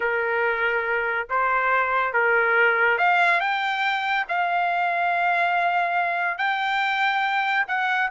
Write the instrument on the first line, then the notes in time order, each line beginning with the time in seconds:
trumpet
0.00 A#4
1.29 C5
2.13 A#4
2.98 F5
3.40 G5
4.28 F5
6.38 G5
7.67 F#5